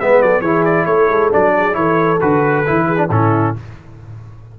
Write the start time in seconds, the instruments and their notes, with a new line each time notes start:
0.00 tuba G#3, trombone B3, horn B4, trumpet E5
0.22 tuba F#3, horn A4, trumpet D5
0.41 tuba E3, trombone E4, horn G#4, trumpet C#5
0.65 trumpet D5
0.86 tuba A3, horn A4, trumpet C#5
1.09 tuba G#3
1.32 tuba F#3, trombone D4, trumpet D5
1.57 horn G#4
1.73 tuba E3, trombone E4, horn A4, trumpet C#5
2.21 tuba D3, trombone F#4, trumpet B4
2.66 tuba E3, trombone E4
2.87 horn G#4
2.97 trombone D4
3.10 tuba A2, trombone C#4, horn E4, trumpet A4